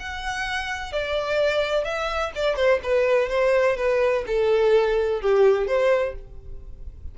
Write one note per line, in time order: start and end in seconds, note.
0.00 0.93 F#5
0.93 1.85 D5
1.85 2.33 E5
2.35 2.56 D5
2.56 2.80 C5
2.84 3.30 B4
3.30 3.77 C5
3.77 4.25 B4
4.27 5.22 A4
5.22 5.68 G4
5.68 6.15 C5